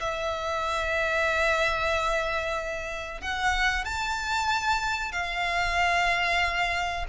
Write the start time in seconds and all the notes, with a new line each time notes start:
0.00 E5
3.21 F#5
3.84 A5
5.12 F5